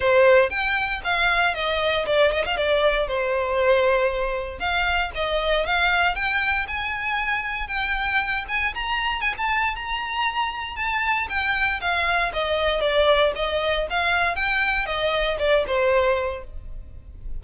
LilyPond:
\new Staff \with { instrumentName = "violin" } { \time 4/4 \tempo 4 = 117 c''4 g''4 f''4 dis''4 | d''8 dis''16 f''16 d''4 c''2~ | c''4 f''4 dis''4 f''4 | g''4 gis''2 g''4~ |
g''8 gis''8 ais''4 gis''16 a''8. ais''4~ | ais''4 a''4 g''4 f''4 | dis''4 d''4 dis''4 f''4 | g''4 dis''4 d''8 c''4. | }